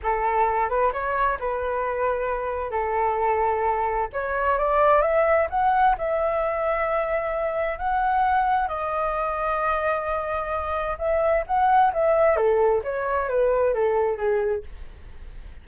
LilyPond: \new Staff \with { instrumentName = "flute" } { \time 4/4 \tempo 4 = 131 a'4. b'8 cis''4 b'4~ | b'2 a'2~ | a'4 cis''4 d''4 e''4 | fis''4 e''2.~ |
e''4 fis''2 dis''4~ | dis''1 | e''4 fis''4 e''4 a'4 | cis''4 b'4 a'4 gis'4 | }